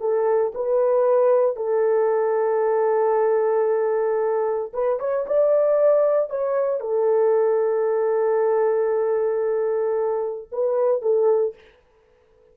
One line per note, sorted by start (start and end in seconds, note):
0.00 0.53 A4
0.55 1.56 B4
1.56 4.72 A4
4.73 5.00 B4
5.00 5.26 C#5
5.27 6.30 D5
6.30 6.80 C#5
6.80 10.49 A4
10.52 11.02 B4
11.02 11.55 A4